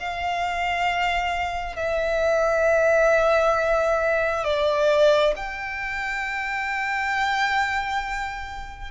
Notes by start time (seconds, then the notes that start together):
0.00 F5
1.76 E5
4.45 D5
5.36 G5